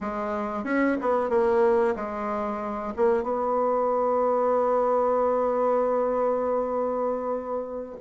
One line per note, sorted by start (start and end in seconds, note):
0.00 0.64 G#3
0.64 0.96 C#4
1.01 1.29 B3
1.29 1.94 A#3
1.95 2.93 G#3
2.96 3.23 A#3
3.23 7.96 B3